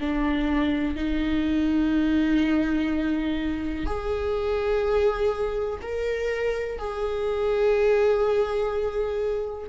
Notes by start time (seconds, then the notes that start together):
0.00 D4
0.96 D#4
3.86 G#4
5.82 A#4
6.79 G#4